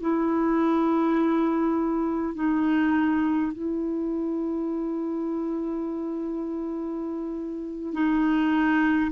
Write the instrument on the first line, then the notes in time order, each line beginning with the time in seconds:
clarinet
0.00 E4
2.34 D#4
3.52 E4
7.93 D#4